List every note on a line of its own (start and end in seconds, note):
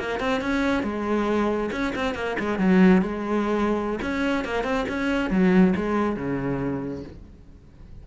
0.00 0.20 A#3
0.20 0.41 C4
0.41 0.83 C#4
0.83 1.70 G#3
1.72 1.94 C#4
1.96 2.15 C4
2.15 2.37 A#3
2.40 2.59 G#3
2.59 3.02 F#3
3.02 4.00 G#3
4.02 4.45 C#4
4.45 4.64 A#3
4.64 4.86 C4
4.89 5.31 C#4
5.31 5.74 F#3
5.77 6.17 G#3
6.17 7.04 C#3